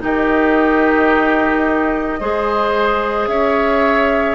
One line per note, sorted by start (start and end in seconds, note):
0.00 2.20 D#3
0.00 2.18 D#4
0.00 2.20 G4
0.00 3.27 D#5
2.20 3.27 G#3
2.20 4.35 G#4
2.20 3.29 C5
3.27 4.35 C#4
3.27 4.35 C#5
3.27 4.35 E5